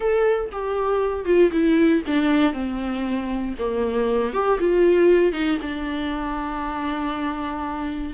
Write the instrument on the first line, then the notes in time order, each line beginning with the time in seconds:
viola
0.00 A4
0.52 G4
1.25 F4
1.51 E4
2.06 D4
2.52 C4
3.58 A#3
4.33 G4
4.59 F4
5.32 D#4
5.61 D4